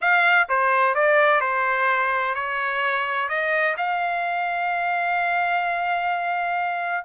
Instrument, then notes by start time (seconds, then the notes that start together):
trumpet
0.01 F5
0.49 C5
0.95 D5
1.41 C5
2.34 C#5
3.29 D#5
3.77 F5